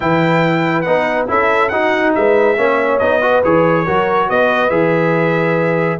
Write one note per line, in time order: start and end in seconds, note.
0.00 0.86 E3
0.00 0.85 E4
0.00 1.29 B4
0.00 0.81 G5
0.81 1.29 B3
0.81 1.27 D#4
0.81 1.24 F#5
1.27 1.71 C#4
1.27 1.70 E4
1.27 1.72 A4
1.27 1.68 E5
1.68 2.14 D#4
1.68 2.57 D#4
1.68 2.15 F#4
1.68 2.11 F#5
2.14 2.57 G#3
2.14 2.56 B4
2.14 2.98 E5
2.56 3.00 A#3
2.56 3.00 C#4
2.56 3.21 C#5
2.98 3.43 B3
2.98 3.21 D#4
2.98 3.41 D#5
3.21 3.42 F#4
3.21 3.85 B4
3.43 3.87 E3
3.43 3.86 G#4
3.43 4.29 C#5
3.85 4.29 F#3
3.85 4.70 F#4
3.85 4.27 A#4
4.29 4.70 B3
4.29 6.00 B4
4.29 4.69 D#5
4.69 5.98 E3
4.69 5.98 G#4
4.69 5.98 E5